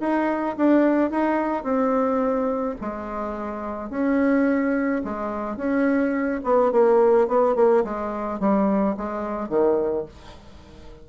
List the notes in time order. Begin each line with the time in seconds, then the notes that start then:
0.00 D#4
0.57 D4
1.11 D#4
1.63 C4
2.81 G#3
3.90 C#4
5.04 G#3
5.57 C#4
6.44 B3
6.72 A#3
7.28 B3
7.55 A#3
7.84 G#3
8.40 G3
8.97 G#3
9.49 D#3